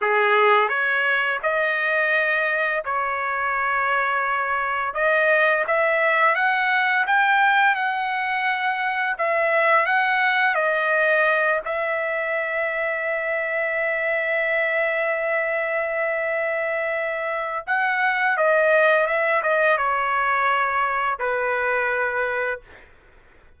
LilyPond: \new Staff \with { instrumentName = "trumpet" } { \time 4/4 \tempo 4 = 85 gis'4 cis''4 dis''2 | cis''2. dis''4 | e''4 fis''4 g''4 fis''4~ | fis''4 e''4 fis''4 dis''4~ |
dis''8 e''2.~ e''8~ | e''1~ | e''4 fis''4 dis''4 e''8 dis''8 | cis''2 b'2 | }